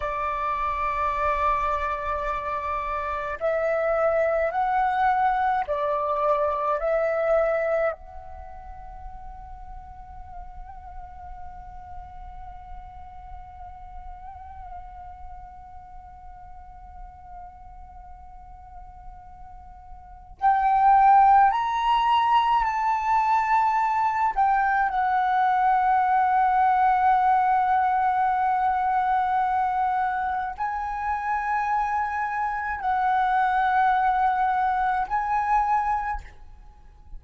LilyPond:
\new Staff \with { instrumentName = "flute" } { \time 4/4 \tempo 4 = 53 d''2. e''4 | fis''4 d''4 e''4 fis''4~ | fis''1~ | fis''1~ |
fis''2 g''4 ais''4 | a''4. g''8 fis''2~ | fis''2. gis''4~ | gis''4 fis''2 gis''4 | }